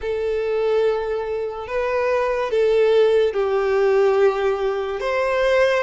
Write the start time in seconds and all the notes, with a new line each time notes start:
0.01 A4
1.67 B4
2.50 A4
3.33 G4
5.00 C5